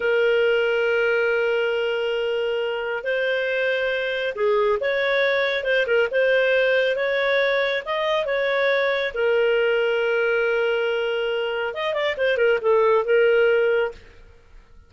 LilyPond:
\new Staff \with { instrumentName = "clarinet" } { \time 4/4 \tempo 4 = 138 ais'1~ | ais'2. c''4~ | c''2 gis'4 cis''4~ | cis''4 c''8 ais'8 c''2 |
cis''2 dis''4 cis''4~ | cis''4 ais'2.~ | ais'2. dis''8 d''8 | c''8 ais'8 a'4 ais'2 | }